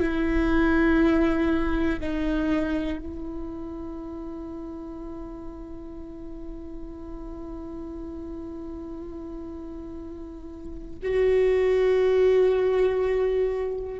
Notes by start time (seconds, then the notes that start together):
0.00 E4
2.00 D#4
2.98 E4
11.02 F#4